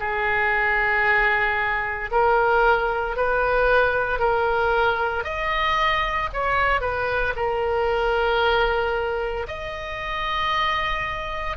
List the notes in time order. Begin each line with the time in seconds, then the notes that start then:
0.00 G#4
2.11 A#4
3.17 B4
4.20 A#4
5.24 D#5
6.33 C#5
6.81 B4
7.36 A#4
9.48 D#5